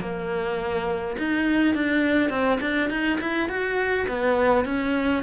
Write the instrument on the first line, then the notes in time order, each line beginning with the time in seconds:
cello
0.00 A#3
1.18 D#4
1.74 D4
2.30 C4
2.61 D4
2.89 D#4
3.20 E4
3.48 F#4
4.08 B3
4.65 C#4